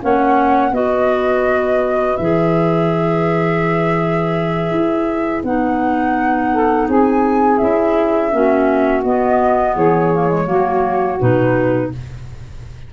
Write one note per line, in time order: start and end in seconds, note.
0.00 0.71 A#3
0.00 0.72 C#4
0.00 0.71 C#5
0.00 0.74 F#5
0.71 2.16 B3
0.71 2.17 F#4
0.71 6.49 B4
0.71 2.16 D#5
2.16 4.70 E3
2.16 5.44 G#4
2.16 5.42 E5
4.70 5.43 E4
5.43 6.87 B3
5.43 7.60 D#4
5.43 6.89 F#5
6.52 6.87 A4
6.87 7.60 C4
6.87 8.32 G#4
6.87 7.57 G#5
7.57 8.32 C#4
7.57 8.31 E4
7.57 9.02 E5
8.31 9.03 A#3
8.31 9.03 C#4
8.31 9.74 F#4
9.03 9.75 B3
9.03 10.13 B3
9.03 9.75 D#5
9.74 10.46 E3
9.74 10.46 G#4
9.74 11.19 C#5
10.13 10.27 A#3
10.27 10.45 G#3
10.46 11.18 F#3
10.46 11.18 A#3
10.46 11.91 F#4
11.19 11.93 B2
11.19 11.91 D#4
11.19 11.92 B4